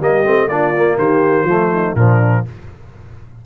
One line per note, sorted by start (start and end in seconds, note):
0.00 0.24 G3
0.00 0.25 A#3
0.00 0.50 G4
0.00 0.48 D#5
0.25 0.48 A3
0.25 0.49 C4
0.48 0.96 A#3
0.48 0.75 D4
0.48 0.97 F4
0.48 0.97 D5
0.77 1.48 A#3
0.97 1.44 D#3
0.97 1.45 G4
0.97 1.96 C5
1.44 1.93 F3
1.44 1.97 A3
1.44 1.70 F4
1.73 1.96 D#4
1.95 2.43 A#2
1.95 2.46 F3
1.95 2.45 D4
1.95 2.45 A#4